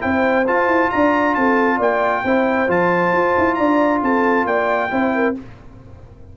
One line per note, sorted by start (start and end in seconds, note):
0.00 0.48 C4
0.00 0.44 E4
0.00 0.91 C5
0.00 0.45 G5
0.47 2.25 F4
0.47 0.67 F4
0.47 0.90 A5
0.67 0.89 E4
0.90 1.36 D4
0.90 1.36 D5
0.90 1.34 A#5
1.34 1.79 C4
1.34 1.76 A4
1.34 1.79 A5
1.76 2.23 A#3
1.76 2.21 D5
1.76 2.70 G5
2.24 2.68 C4
2.24 2.67 E4
2.24 3.57 C5
2.67 3.12 F3
2.67 4.90 F4
2.67 3.55 A5
3.12 3.34 F4
3.37 3.59 E4
3.55 4.02 D4
3.55 4.01 D5
3.55 3.99 A#5
4.02 4.45 C4
4.02 4.46 A4
4.02 4.46 A5
4.45 4.89 A#3
4.45 4.91 D5
4.45 5.35 G5
4.90 5.36 C4
4.90 5.34 E4
4.90 5.14 C5
5.14 5.37 A#4